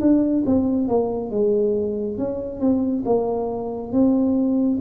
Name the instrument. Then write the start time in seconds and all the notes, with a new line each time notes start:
tuba
0.00 D4
0.45 C4
0.88 A#3
1.30 G#3
2.17 C#4
2.60 C4
3.05 A#3
3.92 C4